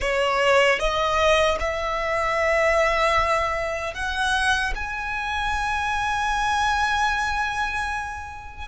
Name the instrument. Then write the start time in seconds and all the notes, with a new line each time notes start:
violin
0.00 C#5
0.79 D#5
1.60 E5
3.94 F#5
4.75 G#5